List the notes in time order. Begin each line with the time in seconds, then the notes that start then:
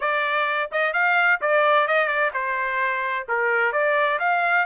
0.00 D5
0.71 D#5
0.93 F5
1.41 D5
1.87 D#5
2.07 D5
2.33 C5
3.28 A#4
3.72 D5
4.19 F5